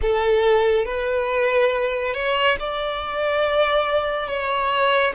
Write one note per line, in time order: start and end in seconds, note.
0.01 0.85 A4
0.85 2.14 B4
2.14 2.56 C#5
2.59 4.27 D5
4.27 5.13 C#5